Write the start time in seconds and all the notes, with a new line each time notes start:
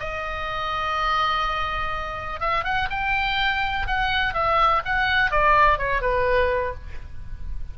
0.00 D#5
2.40 E5
2.64 F#5
2.90 G5
3.87 F#5
4.34 E5
4.85 F#5
5.31 D5
5.78 C#5
6.02 B4